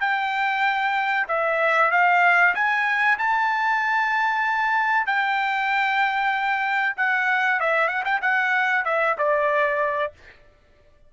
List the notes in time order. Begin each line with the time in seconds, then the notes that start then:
0.00 G5
1.28 E5
1.91 F5
2.54 G#5
3.18 A5
5.06 G5
6.97 F#5
7.60 E5
7.87 F#5
8.04 G5
8.21 F#5
8.84 E5
9.18 D5